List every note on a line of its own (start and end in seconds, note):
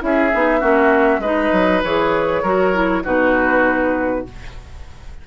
0.00 0.32 C#4
0.00 0.30 E4
0.00 0.60 G#4
0.00 1.21 E5
0.34 0.63 B3
0.34 0.61 D#4
0.60 1.19 A#3
0.60 1.21 C#4
0.60 1.21 F#4
1.19 1.49 G#3
1.19 1.84 D#4
1.19 2.42 B4
1.19 1.81 D#5
1.53 1.83 F#3
1.84 2.43 E3
1.84 2.45 G#4
1.84 3.05 C#5
2.42 3.04 F#3
2.42 2.74 F#4
2.42 3.03 A#4
2.74 3.04 E4
3.04 4.27 B2
3.04 4.25 D#4
3.04 4.25 F#4
3.04 4.27 B4